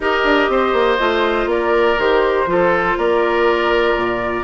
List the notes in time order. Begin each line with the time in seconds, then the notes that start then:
0.00 D#4 G4 A#4 D#5
0.24 D4
0.49 C4 C5
0.72 A#3
0.98 A3 F4
1.46 A#3 A#4 D5
1.98 D#3 G4 C5
2.46 F3 F4 A4
2.97 A#3 A#4 D5
3.96 A#2